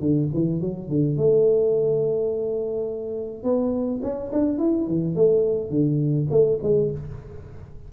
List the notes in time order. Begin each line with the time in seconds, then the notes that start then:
0.00 D3
0.34 E3
0.61 F#3
0.89 D3
1.17 A3
3.44 B3
4.03 C#4
4.33 D4
4.59 E4
4.87 E3
5.16 A3
5.70 D3
6.31 A3
6.63 G#3